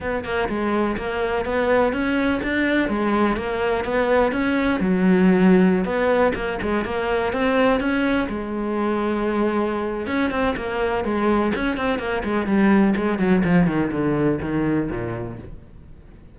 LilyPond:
\new Staff \with { instrumentName = "cello" } { \time 4/4 \tempo 4 = 125 b8 ais8 gis4 ais4 b4 | cis'4 d'4 gis4 ais4 | b4 cis'4 fis2~ | fis16 b4 ais8 gis8 ais4 c'8.~ |
c'16 cis'4 gis2~ gis8.~ | gis4 cis'8 c'8 ais4 gis4 | cis'8 c'8 ais8 gis8 g4 gis8 fis8 | f8 dis8 d4 dis4 ais,4 | }